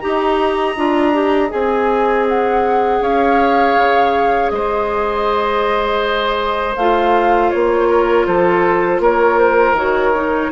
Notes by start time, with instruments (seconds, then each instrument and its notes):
0.00 bassoon D#4, clarinet G4, oboe D#5, flute A#5
0.77 bassoon D4, clarinet F4
1.14 clarinet G4
1.49 bassoon C4, clarinet G#4, flute G#5
2.29 flute F#5
3.01 bassoon C#4, oboe C#5, flute F5
3.77 bassoon C#3
4.50 bassoon G#3, oboe C5, flute D#5
6.76 bassoon A3, clarinet F4, flute F5
7.51 bassoon A#3, flute C#5
7.89 oboe A#4
8.27 bassoon F3, oboe A4, flute C5
9.00 bassoon A#3, oboe A#4, flute C#5
9.39 flute C5
9.73 bassoon D#3, clarinet F#4, flute C#5
10.15 clarinet D#4